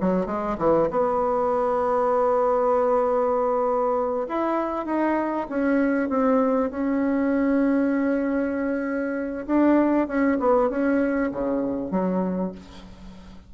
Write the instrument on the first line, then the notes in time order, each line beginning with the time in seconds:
bassoon
0.00 F#3
0.26 G#3
0.58 E3
0.90 B3
4.28 E4
4.86 D#4
5.49 C#4
6.09 C4
6.70 C#4
9.46 D4
10.07 C#4
10.39 B3
10.69 C#4
11.31 C#3
11.91 F#3